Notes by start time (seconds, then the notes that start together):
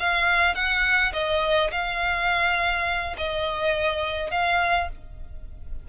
0.00 F5
0.55 F#5
1.14 D#5
1.72 F5
3.18 D#5
4.31 F5